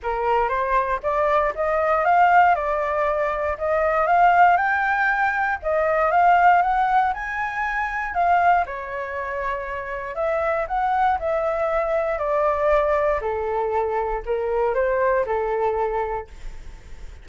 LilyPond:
\new Staff \with { instrumentName = "flute" } { \time 4/4 \tempo 4 = 118 ais'4 c''4 d''4 dis''4 | f''4 d''2 dis''4 | f''4 g''2 dis''4 | f''4 fis''4 gis''2 |
f''4 cis''2. | e''4 fis''4 e''2 | d''2 a'2 | ais'4 c''4 a'2 | }